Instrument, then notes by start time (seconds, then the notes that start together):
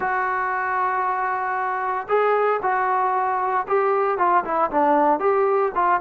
trombone
0.00 F#4
2.08 G#4
2.62 F#4
3.67 G4
4.17 F4
4.44 E4
4.70 D4
5.19 G4
5.74 F4